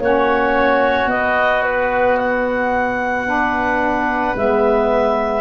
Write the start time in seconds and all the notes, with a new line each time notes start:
0.00 A#3 C#4 F#4 C#5
1.07 B3 D#5
1.63 B4
2.18 F#5
3.26 D4 B4
4.36 G#3 B3 E5